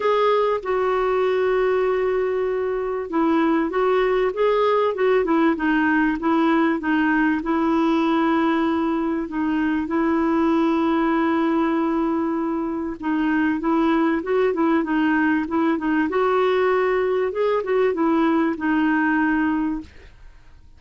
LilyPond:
\new Staff \with { instrumentName = "clarinet" } { \time 4/4 \tempo 4 = 97 gis'4 fis'2.~ | fis'4 e'4 fis'4 gis'4 | fis'8 e'8 dis'4 e'4 dis'4 | e'2. dis'4 |
e'1~ | e'4 dis'4 e'4 fis'8 e'8 | dis'4 e'8 dis'8 fis'2 | gis'8 fis'8 e'4 dis'2 | }